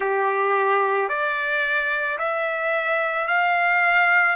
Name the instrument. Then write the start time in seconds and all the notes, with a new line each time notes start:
trumpet
0.00 G4
1.09 D5
2.18 E5
3.27 F5